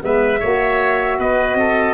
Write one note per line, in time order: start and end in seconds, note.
0.00 0.42 G#3
0.00 0.39 B3
0.00 0.40 B4
0.00 1.21 E5
0.40 1.19 A#3
0.40 1.94 F#4
0.40 1.18 C#5
1.19 1.54 B3
1.19 1.58 B4
1.19 1.94 D#5
1.54 1.93 C4
1.54 1.94 A4